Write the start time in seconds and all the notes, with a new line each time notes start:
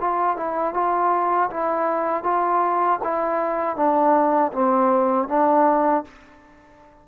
0.00 F4
0.37 E4
0.74 F4
1.50 E4
2.23 F4
3.03 E4
3.76 D4
4.53 C4
5.28 D4